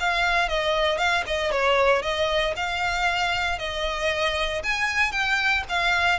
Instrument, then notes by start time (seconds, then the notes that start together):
violin
0.00 F5
0.49 D#5
0.98 F5
1.27 D#5
1.52 C#5
2.02 D#5
2.56 F5
3.59 D#5
4.63 G#5
5.12 G5
5.69 F5